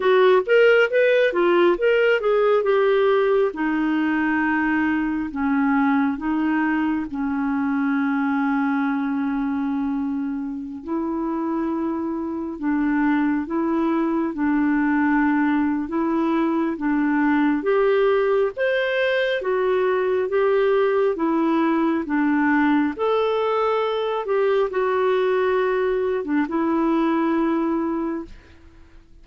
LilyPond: \new Staff \with { instrumentName = "clarinet" } { \time 4/4 \tempo 4 = 68 fis'8 ais'8 b'8 f'8 ais'8 gis'8 g'4 | dis'2 cis'4 dis'4 | cis'1~ | cis'16 e'2 d'4 e'8.~ |
e'16 d'4.~ d'16 e'4 d'4 | g'4 c''4 fis'4 g'4 | e'4 d'4 a'4. g'8 | fis'4.~ fis'16 d'16 e'2 | }